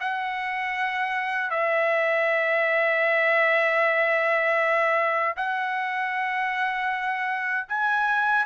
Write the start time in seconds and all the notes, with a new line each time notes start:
0.00 F#5
1.50 E5
5.36 F#5
7.69 G#5